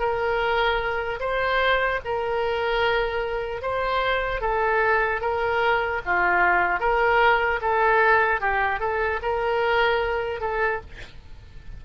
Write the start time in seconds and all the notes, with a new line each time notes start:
0.00 A#4
1.20 C5
2.05 A#4
3.62 C5
4.41 A4
5.21 A#4
6.06 F4
6.80 A#4
7.62 A4
8.41 G4
8.80 A4
9.23 A#4
10.41 A4